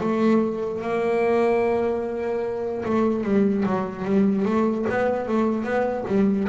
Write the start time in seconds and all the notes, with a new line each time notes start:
0.00 A3
0.81 A#3
2.85 A3
3.23 G3
3.65 F#3
4.05 G3
4.45 A3
4.89 B3
5.27 A3
5.64 B3
6.07 G3